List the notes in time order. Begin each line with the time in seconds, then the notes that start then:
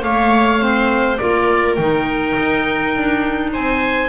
0.00 A3 A#3 C#5 F5
0.59 C4 C5
1.17 A#3 F4 A#4 D5
1.75 D#3 D#4 G5
2.38 D#4
2.96 D4
3.52 C4 C5 G#5